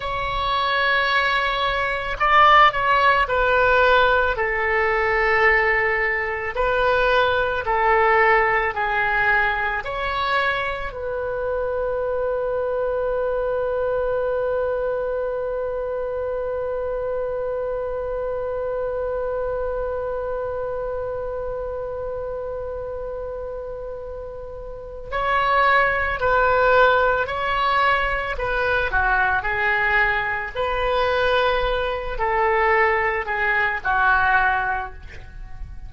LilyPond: \new Staff \with { instrumentName = "oboe" } { \time 4/4 \tempo 4 = 55 cis''2 d''8 cis''8 b'4 | a'2 b'4 a'4 | gis'4 cis''4 b'2~ | b'1~ |
b'1~ | b'2. cis''4 | b'4 cis''4 b'8 fis'8 gis'4 | b'4. a'4 gis'8 fis'4 | }